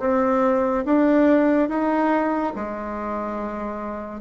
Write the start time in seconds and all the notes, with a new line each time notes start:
0.00 C4
0.85 D4
1.69 D#4
2.56 G#3